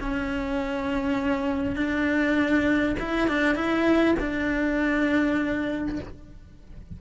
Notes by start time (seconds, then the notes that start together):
0.00 C#4
1.76 D4
2.99 E4
3.28 D4
3.55 E4
4.19 D4